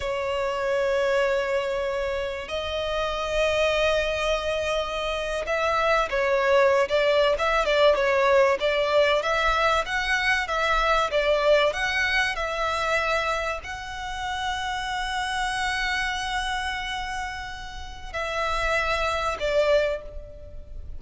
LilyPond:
\new Staff \with { instrumentName = "violin" } { \time 4/4 \tempo 4 = 96 cis''1 | dis''1~ | dis''8. e''4 cis''4~ cis''16 d''8. e''16~ | e''16 d''8 cis''4 d''4 e''4 fis''16~ |
fis''8. e''4 d''4 fis''4 e''16~ | e''4.~ e''16 fis''2~ fis''16~ | fis''1~ | fis''4 e''2 d''4 | }